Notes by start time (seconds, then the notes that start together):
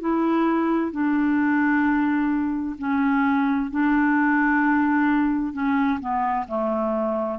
0.00 E4
0.91 D4
2.78 C#4
3.70 D4
5.53 C#4
6.00 B3
6.47 A3